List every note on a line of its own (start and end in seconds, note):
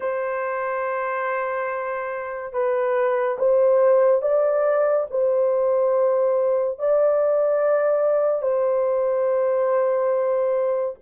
0.00 2.52 C5
2.52 3.37 B4
3.38 4.22 C5
4.22 5.06 D5
5.10 6.78 C5
6.78 8.42 D5
8.42 10.95 C5